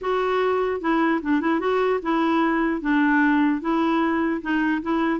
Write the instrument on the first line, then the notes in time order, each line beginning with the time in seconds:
clarinet
0.01 F#4
0.81 E4
1.21 D4
1.41 E4
1.59 F#4
2.02 E4
2.81 D4
3.61 E4
4.41 D#4
4.82 E4